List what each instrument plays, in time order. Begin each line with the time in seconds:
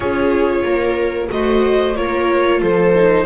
0.00 double bass C#4, viola F4 G#4, violin C#5
0.63 double bass A#3, viola A#4
1.29 double bass A3, viola F#4 C5, violin D#5
1.95 double bass A#3, viola F4 A#4, violin C#5
2.60 double bass F3, viola A4, violin C5
2.95 viola D#4